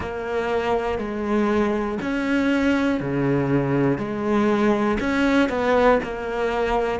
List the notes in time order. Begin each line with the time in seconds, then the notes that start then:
0.00 A#3
0.98 G#3
2.01 C#4
3.00 C#3
3.98 G#3
5.00 C#4
5.49 B3
6.03 A#3